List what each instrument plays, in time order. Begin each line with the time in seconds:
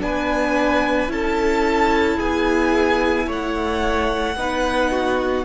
0.00 cello B3, viola D4, violin B4 G#5
1.08 cello C#4, viola E4, violin A4 A5
2.17 cello B3, violin G#4 G#5
3.27 cello A3, violin C#5 F#5
4.36 cello B3, viola D#4, violin B4
4.91 violin F#4